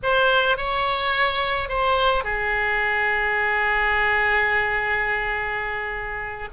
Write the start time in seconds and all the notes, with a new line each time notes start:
0.02 C5
0.57 C#5
1.69 C5
2.24 G#4